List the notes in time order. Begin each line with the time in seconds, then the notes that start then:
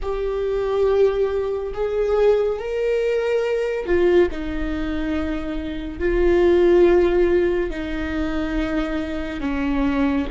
0.02 G4
1.73 G#4
2.59 A#4
3.86 F4
4.31 D#4
5.99 F4
7.70 D#4
9.40 C#4